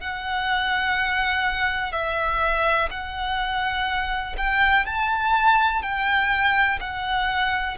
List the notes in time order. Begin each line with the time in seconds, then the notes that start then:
0.00 F#5
1.92 E5
2.91 F#5
4.37 G5
4.86 A5
5.82 G5
6.80 F#5